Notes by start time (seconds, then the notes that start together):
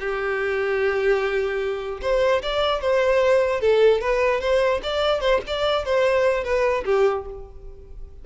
0.00 G4
2.02 C5
2.42 D5
2.81 C5
3.61 A4
4.01 B4
4.41 C5
4.83 D5
5.21 C5
5.47 D5
5.85 C5
6.44 B4
6.85 G4